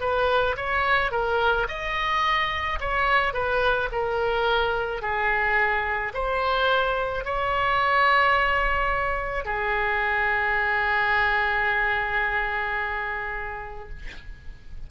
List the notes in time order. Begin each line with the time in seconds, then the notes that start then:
0.00 B4
0.57 C#5
1.12 A#4
1.68 D#5
2.80 C#5
3.33 B4
3.91 A#4
5.02 G#4
6.14 C5
7.25 C#5
9.45 G#4